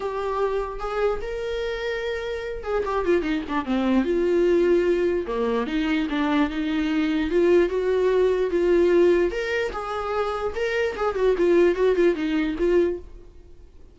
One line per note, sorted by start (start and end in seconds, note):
0.00 0.79 G4
0.79 1.20 G#4
1.21 2.63 A#4
2.63 2.83 G#4
2.85 3.05 G4
3.05 3.21 F4
3.21 3.42 D#4
3.48 3.65 D4
3.65 4.04 C4
4.04 5.25 F4
5.26 5.66 A#3
5.66 6.07 D#4
6.09 6.50 D4
6.50 7.30 D#4
7.30 7.69 F4
7.69 8.50 F#4
8.50 9.31 F4
9.31 9.71 A#4
9.72 10.53 G#4
10.55 10.95 A#4
10.96 11.15 G#4
11.15 11.35 F#4
11.37 11.75 F4
11.75 11.95 F#4
11.95 12.15 F4
12.15 12.55 D#4
12.58 12.98 F4